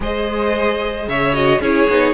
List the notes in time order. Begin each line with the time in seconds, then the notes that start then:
0.00 G#3 G#4 C5 D#5
1.08 C#3 C#5 E5
1.33 F#4 D#5
1.60 C#4 E4 G#4 C#5
1.88 B3 D#4